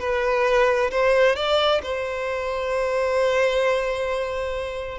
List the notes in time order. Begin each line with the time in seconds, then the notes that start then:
0.00 B4
0.91 C5
1.36 D5
1.83 C5